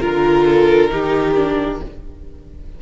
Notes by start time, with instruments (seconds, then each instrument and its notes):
0.00 cello D3, viola F4, violin A#4
0.46 violin A4
0.90 cello D#3, viola D#4, violin G4
1.35 viola D4